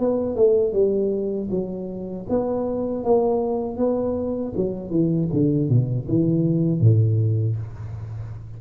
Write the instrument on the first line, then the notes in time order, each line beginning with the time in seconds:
tuba
0.00 B3
0.36 A3
0.73 G3
1.51 F#3
2.30 B3
3.04 A#3
3.78 B3
4.56 F#3
4.91 E3
5.33 D3
5.69 B2
6.09 E3
6.81 A2